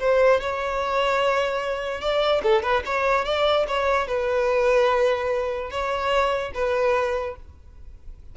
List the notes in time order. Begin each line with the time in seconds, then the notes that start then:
0.00 C5
0.41 C#5
2.01 D5
2.43 A4
2.63 B4
2.86 C#5
3.25 D5
3.68 C#5
4.08 B4
5.71 C#5
6.54 B4